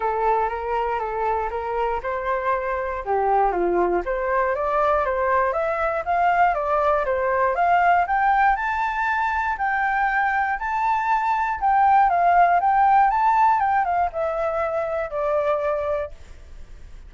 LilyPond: \new Staff \with { instrumentName = "flute" } { \time 4/4 \tempo 4 = 119 a'4 ais'4 a'4 ais'4 | c''2 g'4 f'4 | c''4 d''4 c''4 e''4 | f''4 d''4 c''4 f''4 |
g''4 a''2 g''4~ | g''4 a''2 g''4 | f''4 g''4 a''4 g''8 f''8 | e''2 d''2 | }